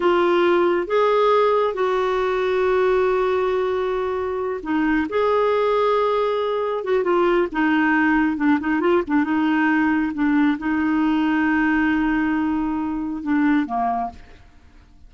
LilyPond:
\new Staff \with { instrumentName = "clarinet" } { \time 4/4 \tempo 4 = 136 f'2 gis'2 | fis'1~ | fis'2~ fis'8 dis'4 gis'8~ | gis'2.~ gis'8 fis'8 |
f'4 dis'2 d'8 dis'8 | f'8 d'8 dis'2 d'4 | dis'1~ | dis'2 d'4 ais4 | }